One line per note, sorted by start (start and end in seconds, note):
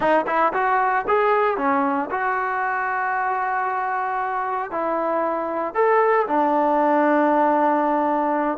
0.00 0.25 D#4
0.26 0.52 E4
0.53 1.05 F#4
1.07 1.57 G#4
1.57 2.09 C#4
2.10 4.71 F#4
4.71 5.74 E4
5.74 6.26 A4
6.27 8.58 D4